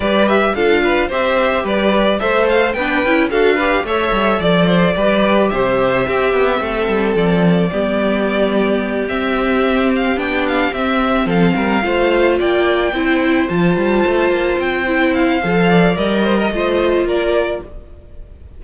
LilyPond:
<<
  \new Staff \with { instrumentName = "violin" } { \time 4/4 \tempo 4 = 109 d''8 e''8 f''4 e''4 d''4 | e''8 f''8 g''4 f''4 e''4 | d''2 e''2~ | e''4 d''2.~ |
d''8 e''4. f''8 g''8 f''8 e''8~ | e''8 f''2 g''4.~ | g''8 a''2 g''4 f''8~ | f''4 dis''2 d''4 | }
  \new Staff \with { instrumentName = "violin" } { \time 4/4 b'4 a'8 b'8 c''4 b'4 | c''4 b'4 a'8 b'8 cis''4 | d''8 c''8 b'4 c''4 g'4 | a'2 g'2~ |
g'1~ | g'8 a'8 ais'8 c''4 d''4 c''8~ | c''1~ | c''8 d''4 c''16 ais'16 c''4 ais'4 | }
  \new Staff \with { instrumentName = "viola" } { \time 4/4 g'4 f'4 g'2 | a'4 d'8 e'8 fis'8 g'8 a'4~ | a'4 g'2 c'4~ | c'2 b2~ |
b8 c'2 d'4 c'8~ | c'4. f'2 e'8~ | e'8 f'2~ f'8 e'4 | a'4 ais'4 f'2 | }
  \new Staff \with { instrumentName = "cello" } { \time 4/4 g4 d'4 c'4 g4 | a4 b8 cis'8 d'4 a8 g8 | f4 g4 c4 c'8 b8 | a8 g8 f4 g2~ |
g8 c'2 b4 c'8~ | c'8 f8 g8 a4 ais4 c'8~ | c'8 f8 g8 a8 ais8 c'4. | f4 g4 a4 ais4 | }
>>